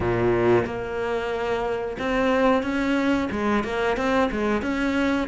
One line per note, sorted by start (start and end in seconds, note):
0.00 0.64 A#2
0.65 1.97 A#3
1.98 2.63 C4
2.63 3.28 C#4
3.31 3.64 G#3
3.64 3.97 A#3
3.97 4.29 C4
4.31 4.62 G#3
4.62 5.27 C#4